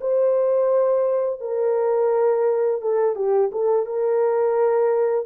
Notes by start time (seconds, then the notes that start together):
0.00 C5
1.40 A#4
2.81 A4
3.15 G4
3.51 A4
3.86 A#4